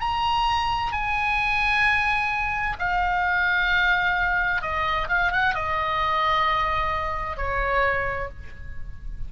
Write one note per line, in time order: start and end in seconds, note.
0.00 0.92 A#5
0.92 2.77 G#5
2.79 4.62 F5
4.62 5.08 D#5
5.09 5.32 F5
5.32 5.54 F#5
5.54 7.37 D#5
7.37 8.29 C#5